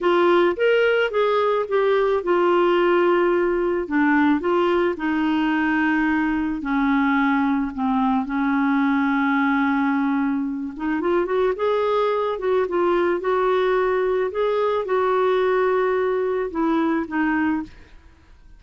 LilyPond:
\new Staff \with { instrumentName = "clarinet" } { \time 4/4 \tempo 4 = 109 f'4 ais'4 gis'4 g'4 | f'2. d'4 | f'4 dis'2. | cis'2 c'4 cis'4~ |
cis'2.~ cis'8 dis'8 | f'8 fis'8 gis'4. fis'8 f'4 | fis'2 gis'4 fis'4~ | fis'2 e'4 dis'4 | }